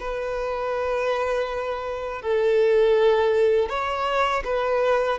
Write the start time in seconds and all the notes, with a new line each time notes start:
0.00 B4
2.22 A4
3.69 C#5
4.44 B4